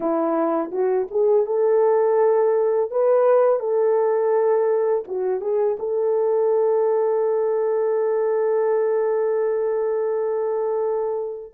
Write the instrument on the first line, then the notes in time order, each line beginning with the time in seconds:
horn
0.00 E4
0.71 F#4
1.10 G#4
1.46 A4
2.90 B4
3.59 A4
5.07 F#4
5.41 G#4
5.79 A4